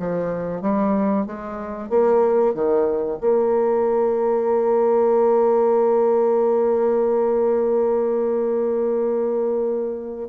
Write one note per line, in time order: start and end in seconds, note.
0.00 0.62 F3
0.62 1.26 G3
1.27 1.90 G#3
1.90 2.55 A#3
2.55 3.19 D#3
3.21 10.29 A#3